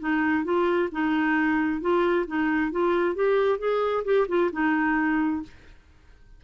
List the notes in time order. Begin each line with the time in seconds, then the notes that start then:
0.00 D#4
0.44 F4
0.92 D#4
1.81 F4
2.27 D#4
2.72 F4
3.15 G4
3.59 G#4
4.05 G4
4.28 F4
4.53 D#4